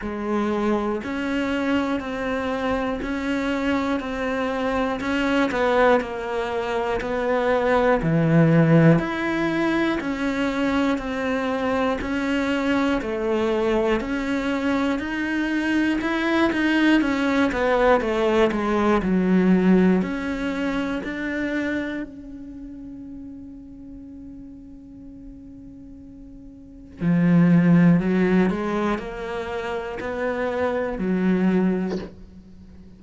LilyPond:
\new Staff \with { instrumentName = "cello" } { \time 4/4 \tempo 4 = 60 gis4 cis'4 c'4 cis'4 | c'4 cis'8 b8 ais4 b4 | e4 e'4 cis'4 c'4 | cis'4 a4 cis'4 dis'4 |
e'8 dis'8 cis'8 b8 a8 gis8 fis4 | cis'4 d'4 cis'2~ | cis'2. f4 | fis8 gis8 ais4 b4 fis4 | }